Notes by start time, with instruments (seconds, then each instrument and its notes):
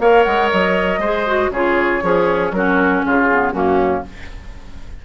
0.00 bassoon A#3, clarinet A#4, oboe C#5, flute F5
0.24 bassoon G#3, flute F#5
0.51 bassoon F#3, flute D#5
0.99 bassoon G#3, clarinet G#4, oboe C5
1.27 clarinet F#4
1.51 bassoon C#3, clarinet F4, oboe G#4, flute C#5
2.03 bassoon F3, oboe C#4, clarinet G#4
2.52 bassoon F#3, clarinet C#4, oboe F#4, flute A#4
3.06 bassoon C#3, oboe F4, flute G#4
3.31 clarinet B3
3.53 bassoon F#2, clarinet A#3, oboe C#4, flute F#4